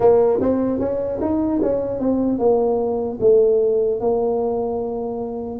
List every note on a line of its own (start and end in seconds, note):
0.00 0.40 A#3
0.40 0.79 C4
0.79 1.19 C#4
1.21 1.61 D#4
1.62 1.99 C#4
1.99 2.39 C4
2.39 3.19 A#3
3.20 4.00 A3
4.00 5.59 A#3